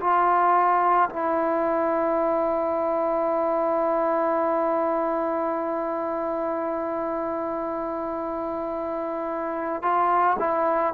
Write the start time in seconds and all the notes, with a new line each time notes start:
0.00 F4
1.09 E4
9.82 F4
10.39 E4